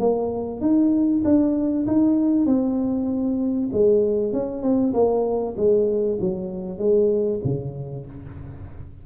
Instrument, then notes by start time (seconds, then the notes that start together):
tuba
0.00 A#3
0.61 D#4
1.25 D4
1.87 D#4
2.46 C4
3.73 G#3
4.33 C#4
4.63 C4
4.94 A#3
5.57 G#3
6.21 F#3
6.79 G#3
7.45 C#3